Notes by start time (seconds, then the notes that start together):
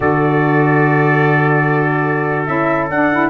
0.00 D3 F#4 A4 D5
2.46 C#4 E4 E5
2.89 D4 F#5
3.12 E4